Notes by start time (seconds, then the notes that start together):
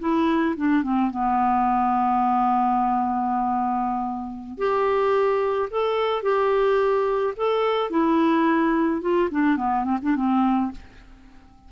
0.00 E4
0.57 D4
0.83 C4
1.11 B3
4.58 G4
5.71 A4
6.23 G4
7.37 A4
7.90 E4
9.02 F4
9.31 D4
9.57 B3
9.84 C4
10.02 D4
10.16 C4